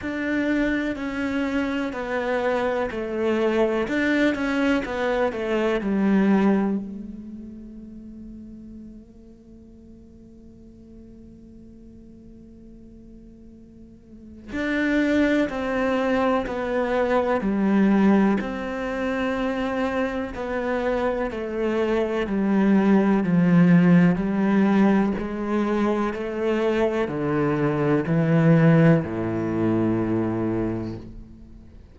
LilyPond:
\new Staff \with { instrumentName = "cello" } { \time 4/4 \tempo 4 = 62 d'4 cis'4 b4 a4 | d'8 cis'8 b8 a8 g4 a4~ | a1~ | a2. d'4 |
c'4 b4 g4 c'4~ | c'4 b4 a4 g4 | f4 g4 gis4 a4 | d4 e4 a,2 | }